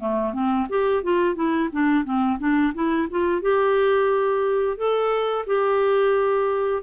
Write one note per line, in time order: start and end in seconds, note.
0.00 0.33 A3
0.33 0.68 C4
0.70 1.04 G4
1.04 1.35 F4
1.35 1.70 E4
1.72 2.05 D4
2.05 2.39 C4
2.39 2.73 D4
2.74 3.08 E4
3.11 3.42 F4
3.42 4.78 G4
4.78 5.46 A4
5.47 6.83 G4